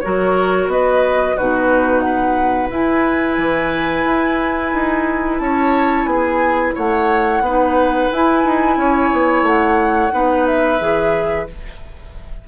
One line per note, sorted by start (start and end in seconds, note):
0.00 0.67 F#3
0.00 1.37 F#4
0.00 0.71 A#4
0.00 0.67 C#5
0.67 1.34 B3
0.67 1.36 B4
0.67 1.37 D#5
1.36 2.70 B2
1.36 2.71 D#4
1.36 2.03 F#4
1.36 2.00 B4
2.00 5.42 B4
2.00 2.67 F#5
2.70 3.37 E4
2.70 7.43 E4
2.70 5.38 G#5
3.37 4.04 E3
4.05 4.72 E4
4.73 5.40 D#4
5.38 6.05 C#4
5.38 6.09 C#5
5.38 6.05 A5
6.05 6.72 B3
6.05 6.74 G#4
6.05 6.72 G#5
6.74 7.41 A3
6.74 7.42 C#5
6.74 8.12 F#5
7.41 8.08 B3
7.41 8.13 D#4
7.41 8.78 B4
8.12 8.44 E4
8.12 10.11 E4
8.12 9.46 G#5
8.44 8.76 D#4
8.76 9.10 C#4
8.76 10.13 C#5
9.12 9.42 B3
9.42 10.09 A3
9.42 10.46 F#5
10.11 10.80 B3
10.11 10.78 D#4
10.11 11.48 B4
10.46 11.47 E5
10.79 11.48 E3
10.79 11.46 G#4